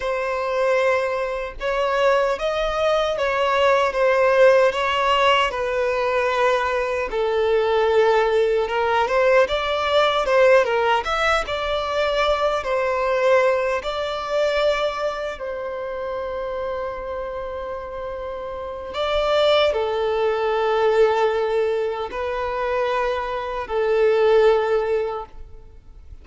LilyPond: \new Staff \with { instrumentName = "violin" } { \time 4/4 \tempo 4 = 76 c''2 cis''4 dis''4 | cis''4 c''4 cis''4 b'4~ | b'4 a'2 ais'8 c''8 | d''4 c''8 ais'8 e''8 d''4. |
c''4. d''2 c''8~ | c''1 | d''4 a'2. | b'2 a'2 | }